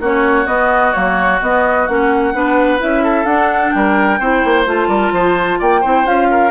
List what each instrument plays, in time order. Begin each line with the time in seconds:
0.00 bassoon A#3, clarinet C#4, oboe F#4, flute C#5
0.46 clarinet B3, bassoon B3, flute D#5
0.93 bassoon F#3, clarinet A#3, flute C#5
1.42 bassoon B3, clarinet B3, flute D#5
1.87 bassoon A#3, clarinet C#4, flute F#5
2.34 bassoon B3, clarinet D4, oboe B4
2.79 bassoon C#4, clarinet E4, flute E5
3.04 oboe A4
3.25 bassoon D4, clarinet D4, flute F#5
3.70 bassoon G3, flute G5
3.77 oboe A#4
4.20 bassoon C4, clarinet E4, oboe C5
4.45 bassoon A#3
4.66 bassoon A3, clarinet F4, flute A5
4.88 bassoon G3, oboe A#4
5.12 bassoon F3, oboe C5
5.59 bassoon A#3, oboe D5, flute G5
5.81 bassoon C4, clarinet E4, oboe C5
6.06 bassoon C#4, clarinet F4, flute F5
6.31 oboe A#4